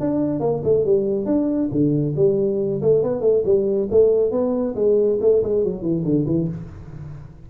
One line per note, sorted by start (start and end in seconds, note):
0.00 0.40 D4
0.40 0.62 A#3
0.64 0.85 A3
0.85 1.26 G3
1.26 1.69 D4
1.72 2.15 D3
2.16 2.81 G3
2.82 3.03 A3
3.03 3.21 B3
3.21 3.43 A3
3.45 3.89 G3
3.91 4.31 A3
4.31 4.75 B3
4.75 5.19 G#3
5.21 5.42 A3
5.43 5.64 G#3
5.64 5.82 F#3
5.82 6.04 E3
6.04 6.26 D3
6.26 6.48 E3